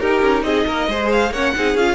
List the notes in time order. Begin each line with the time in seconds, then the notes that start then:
0.00 D#4 G4 A#4
0.22 C#4
0.43 C4 G#4 D#5
0.67 A#3 A#4
0.88 G#3 G#4 C5
1.12 F5
1.31 A#3 C#4 C#5 F#5
1.56 C4 D#4 G#4
1.76 C#4 F4 F5